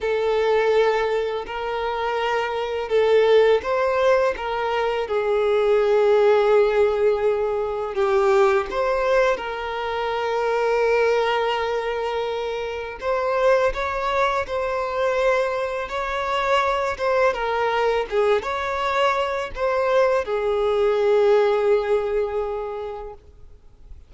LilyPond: \new Staff \with { instrumentName = "violin" } { \time 4/4 \tempo 4 = 83 a'2 ais'2 | a'4 c''4 ais'4 gis'4~ | gis'2. g'4 | c''4 ais'2.~ |
ais'2 c''4 cis''4 | c''2 cis''4. c''8 | ais'4 gis'8 cis''4. c''4 | gis'1 | }